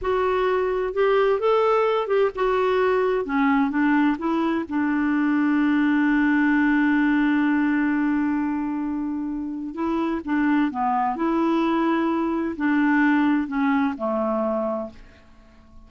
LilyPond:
\new Staff \with { instrumentName = "clarinet" } { \time 4/4 \tempo 4 = 129 fis'2 g'4 a'4~ | a'8 g'8 fis'2 cis'4 | d'4 e'4 d'2~ | d'1~ |
d'1~ | d'4 e'4 d'4 b4 | e'2. d'4~ | d'4 cis'4 a2 | }